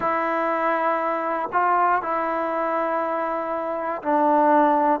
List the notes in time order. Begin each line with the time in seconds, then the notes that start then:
0.00 E4
1.52 F4
2.02 E4
4.02 D4